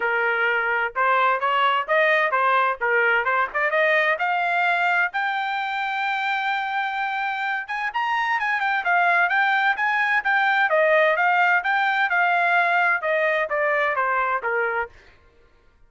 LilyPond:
\new Staff \with { instrumentName = "trumpet" } { \time 4/4 \tempo 4 = 129 ais'2 c''4 cis''4 | dis''4 c''4 ais'4 c''8 d''8 | dis''4 f''2 g''4~ | g''1~ |
g''8 gis''8 ais''4 gis''8 g''8 f''4 | g''4 gis''4 g''4 dis''4 | f''4 g''4 f''2 | dis''4 d''4 c''4 ais'4 | }